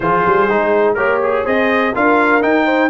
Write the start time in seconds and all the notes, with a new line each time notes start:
0.00 F3 F4 G#4 C5
0.25 G3
0.48 G#3 D#4
0.94 A#3 G4 A#4 C#5
1.22 G#4
1.44 C4 G#4 C5 D#5
1.94 D4 F4 A#4 F5
2.41 D#4 G5
2.65 C5